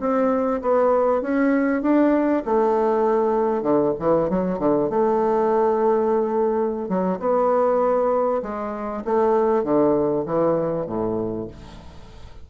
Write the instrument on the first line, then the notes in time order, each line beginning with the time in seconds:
bassoon
0.00 C4
0.62 B3
1.21 C#4
1.82 D4
2.45 A3
3.62 D3
3.99 E3
4.29 F#3
4.59 D3
4.90 A3
6.88 F#3
7.19 B3
8.42 G#3
9.05 A3
9.63 D3
10.26 E3
10.86 A2